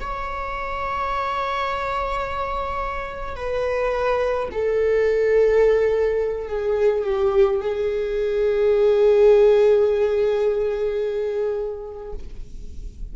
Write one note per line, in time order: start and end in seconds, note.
0.00 3.36 C#5
3.36 4.49 B4
4.51 6.48 A4
6.48 7.04 G#4
7.04 7.61 G4
7.61 12.13 G#4